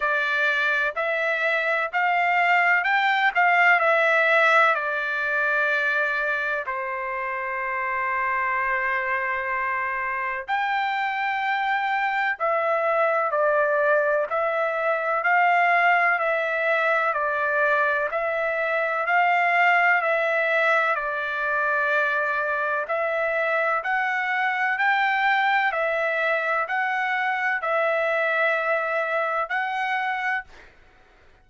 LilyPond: \new Staff \with { instrumentName = "trumpet" } { \time 4/4 \tempo 4 = 63 d''4 e''4 f''4 g''8 f''8 | e''4 d''2 c''4~ | c''2. g''4~ | g''4 e''4 d''4 e''4 |
f''4 e''4 d''4 e''4 | f''4 e''4 d''2 | e''4 fis''4 g''4 e''4 | fis''4 e''2 fis''4 | }